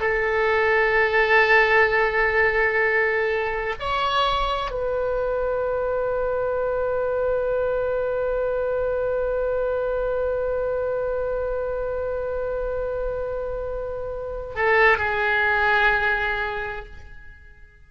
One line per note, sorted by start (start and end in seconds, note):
0.00 3.75 A4
3.79 4.70 C#5
4.70 14.55 B4
14.55 14.98 A4
14.98 16.85 G#4